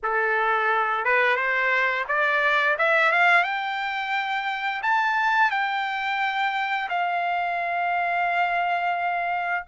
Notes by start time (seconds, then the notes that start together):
0.03 A4
1.04 B4
1.36 C5
2.08 D5
2.78 E5
3.12 F5
3.43 G5
4.82 A5
5.50 G5
6.89 F5